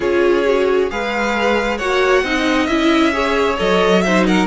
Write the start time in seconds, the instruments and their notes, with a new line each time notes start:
0.00 cello C#4, viola F4, violin G#4 C#5
0.46 viola F#4
0.90 cello G#3, viola G#4, violin B4 F5
1.77 cello A#3, viola F#4, violin C#5 F#5
2.22 cello C4, viola D#4, violin D#5
2.66 cello C#4, viola E4, violin E5
3.12 viola G#4, violin C#5
3.57 cello F#3, viola A4, violin D#5
4.01 viola D#4, violin C5 E5
4.26 violin A#4 F#5